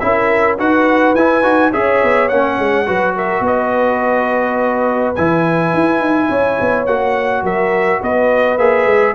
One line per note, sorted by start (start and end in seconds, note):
0.00 0.60 C#4
0.00 0.59 E4
0.00 0.59 A#4
0.00 0.57 E5
0.59 1.15 D#4
0.59 1.16 F#4
0.59 1.72 B4
0.59 1.16 F#5
1.15 1.43 E4
1.15 1.44 E4
1.15 1.73 G#5
1.44 1.72 D#4
1.44 1.72 F#4
1.72 2.03 C#4
1.72 2.30 G#4
1.72 2.86 C#5
1.72 2.29 E5
2.04 2.32 B3
2.29 2.59 A#3
2.29 2.87 C#4
2.29 3.15 F#5
2.59 2.88 G#3
2.87 3.41 F#3
2.87 5.15 F#4
2.87 3.15 B4
3.16 3.44 A#4
3.16 3.46 E5
3.41 5.12 B3
3.41 6.29 B4
3.47 5.16 D#5
5.16 5.74 E3
5.16 6.88 E4
5.16 6.87 G#5
5.74 6.00 E4
6.00 6.29 D#4
6.29 6.59 C#4
6.29 7.44 C#5
6.61 6.87 B3
6.87 7.43 A#3
6.87 8.59 F#4
6.87 7.44 F#5
7.43 8.00 F#3
7.43 8.01 A#4
7.43 8.03 E5
8.01 8.58 B3
8.01 9.15 B4
8.01 8.58 D#5
8.58 8.86 A#3
8.58 9.15 G#4
8.58 9.15 E5
8.86 9.15 G#3